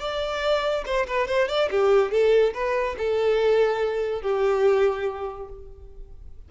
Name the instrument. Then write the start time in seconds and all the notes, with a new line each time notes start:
violin
0.00 D5
0.86 C5
1.08 B4
1.28 C5
1.49 D5
1.71 G4
2.12 A4
2.54 B4
2.98 A4
4.22 G4